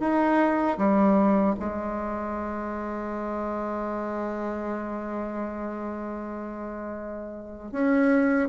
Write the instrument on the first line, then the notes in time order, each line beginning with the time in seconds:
bassoon
0.00 D#4
0.78 G3
1.59 G#3
7.72 C#4